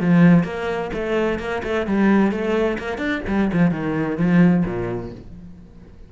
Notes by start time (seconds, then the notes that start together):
0.00 F3
0.44 A#3
0.93 A3
1.38 A#3
1.63 A3
1.86 G3
2.31 A3
2.78 A#3
2.97 D4
3.27 G3
3.53 F3
3.71 D#3
4.17 F3
4.65 A#2